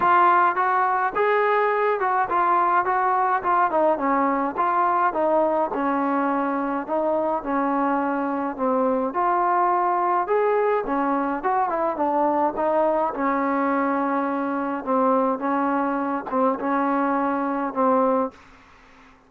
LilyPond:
\new Staff \with { instrumentName = "trombone" } { \time 4/4 \tempo 4 = 105 f'4 fis'4 gis'4. fis'8 | f'4 fis'4 f'8 dis'8 cis'4 | f'4 dis'4 cis'2 | dis'4 cis'2 c'4 |
f'2 gis'4 cis'4 | fis'8 e'8 d'4 dis'4 cis'4~ | cis'2 c'4 cis'4~ | cis'8 c'8 cis'2 c'4 | }